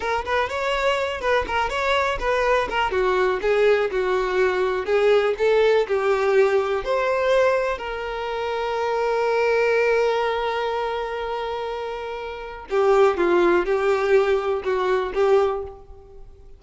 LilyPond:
\new Staff \with { instrumentName = "violin" } { \time 4/4 \tempo 4 = 123 ais'8 b'8 cis''4. b'8 ais'8 cis''8~ | cis''8 b'4 ais'8 fis'4 gis'4 | fis'2 gis'4 a'4 | g'2 c''2 |
ais'1~ | ais'1~ | ais'2 g'4 f'4 | g'2 fis'4 g'4 | }